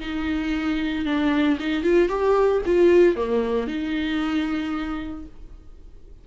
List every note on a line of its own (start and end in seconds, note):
0.00 1.05 D#4
1.05 1.58 D4
1.59 1.83 D#4
1.83 2.09 F4
2.09 2.61 G4
2.65 3.16 F4
3.16 3.67 A#3
3.67 5.25 D#4